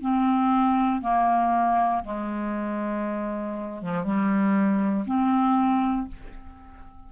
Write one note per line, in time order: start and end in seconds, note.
0.00 1.01 C4
1.01 2.03 A#3
2.04 3.81 G#3
3.81 4.03 F3
4.03 5.05 G3
5.06 6.07 C4